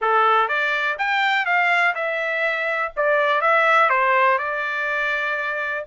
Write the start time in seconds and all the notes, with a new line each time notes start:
0.01 A4
0.48 D5
0.98 G5
1.45 F5
1.94 E5
2.96 D5
3.41 E5
3.89 C5
4.38 D5